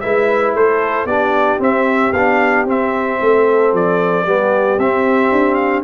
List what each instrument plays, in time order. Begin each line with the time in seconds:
0.00 tuba G#3, trombone E4, horn B4, trumpet E5
0.54 tuba A3, horn A4, trumpet C5
1.05 tuba B3, trombone D4, horn G4, trumpet D5
1.59 trombone C4, tuba C4, trumpet E5
2.12 tuba B3, trombone D4, trumpet F5
2.65 tuba C4, trombone C4, trumpet E5
3.21 tuba A3, horn A4
3.73 tuba F3, trumpet D5
4.25 tuba G3, trombone B3, horn G4
4.77 tuba C4, trombone C4, trumpet E5
5.31 tuba D4
5.54 trumpet F5